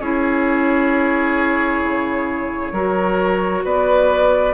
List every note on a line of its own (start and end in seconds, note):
0.00 1.82 C#4
0.00 2.74 E4
0.00 2.74 G#4
0.00 3.64 C#5
1.84 2.73 C#3
2.73 3.63 F#3
2.73 4.54 F#4
2.73 3.65 A#4
3.64 4.54 B3
3.64 4.54 B4
3.64 4.54 D5